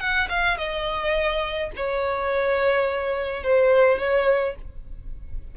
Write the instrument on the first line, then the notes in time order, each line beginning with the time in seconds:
violin
0.00 F#5
0.30 F5
0.58 D#5
1.76 C#5
3.43 C5
3.99 C#5